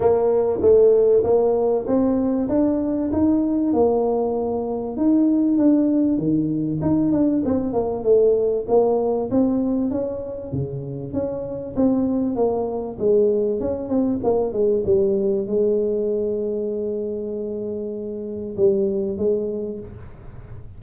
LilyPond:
\new Staff \with { instrumentName = "tuba" } { \time 4/4 \tempo 4 = 97 ais4 a4 ais4 c'4 | d'4 dis'4 ais2 | dis'4 d'4 dis4 dis'8 d'8 | c'8 ais8 a4 ais4 c'4 |
cis'4 cis4 cis'4 c'4 | ais4 gis4 cis'8 c'8 ais8 gis8 | g4 gis2.~ | gis2 g4 gis4 | }